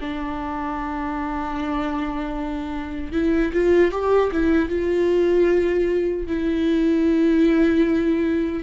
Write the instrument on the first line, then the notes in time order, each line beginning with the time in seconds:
viola
0.00 D4
3.12 E4
3.53 F4
3.92 G4
4.32 E4
4.69 F4
6.27 E4